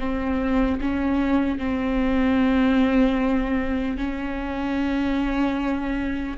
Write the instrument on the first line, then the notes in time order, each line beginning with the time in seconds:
viola
0.00 C4
0.81 C#4
1.59 C4
3.97 C#4